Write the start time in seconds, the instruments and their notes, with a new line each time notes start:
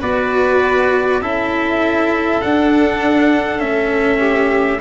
0.00 tuba B3, cello F#4, violin B4, trumpet D5
1.21 tuba C#4, cello E4, violin A4, trumpet E5
2.41 cello D4, tuba D4, trumpet F#5
3.58 tuba A3, cello C#4, trumpet E5
4.19 violin G4